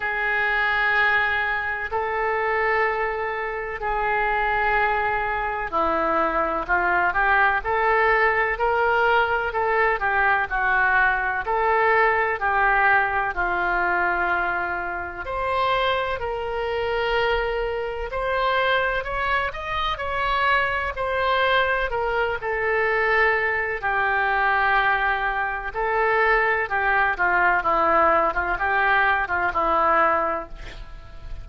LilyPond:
\new Staff \with { instrumentName = "oboe" } { \time 4/4 \tempo 4 = 63 gis'2 a'2 | gis'2 e'4 f'8 g'8 | a'4 ais'4 a'8 g'8 fis'4 | a'4 g'4 f'2 |
c''4 ais'2 c''4 | cis''8 dis''8 cis''4 c''4 ais'8 a'8~ | a'4 g'2 a'4 | g'8 f'8 e'8. f'16 g'8. f'16 e'4 | }